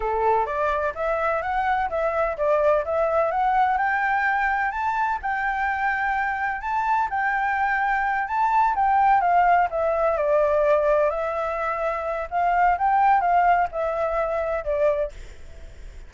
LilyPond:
\new Staff \with { instrumentName = "flute" } { \time 4/4 \tempo 4 = 127 a'4 d''4 e''4 fis''4 | e''4 d''4 e''4 fis''4 | g''2 a''4 g''4~ | g''2 a''4 g''4~ |
g''4. a''4 g''4 f''8~ | f''8 e''4 d''2 e''8~ | e''2 f''4 g''4 | f''4 e''2 d''4 | }